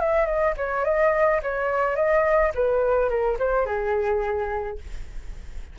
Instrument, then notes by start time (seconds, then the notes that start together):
flute
0.00 E5
0.26 D#5
0.57 C#5
0.85 D#5
1.43 C#5
1.96 D#5
2.55 B4
3.09 A#4
3.39 C5
3.66 G#4